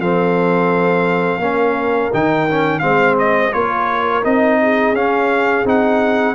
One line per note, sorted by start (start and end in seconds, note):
0.00 1.39 F3
0.00 1.41 C4
0.00 1.41 A4
0.00 2.12 F5
1.39 2.09 A#3
1.39 2.12 C#4
1.39 2.83 A#4
2.14 2.83 D#3
2.14 2.49 D#4
2.14 2.79 G5
2.49 2.81 C#4
2.79 3.54 G#3
2.79 3.52 C4
2.79 3.54 C5
2.79 3.15 F5
3.19 3.53 D#5
3.52 4.25 A#3
3.52 4.23 F4
3.52 4.61 A#4
3.52 4.24 C#5
4.24 4.94 C4
4.24 4.95 D#4
4.24 4.95 D#5
4.61 6.35 G#4
4.94 5.64 C#4
4.94 5.65 C#4
4.94 5.66 F5
5.65 6.35 C4
5.65 6.35 D#4
5.65 6.35 F#5